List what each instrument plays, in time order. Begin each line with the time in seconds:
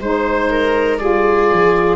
0.00 tuba G#3, saxophone D#4, viola C5, oboe C5
0.50 viola A#4
0.98 tuba G3, saxophone F4, viola G#4, oboe D5
1.52 tuba F3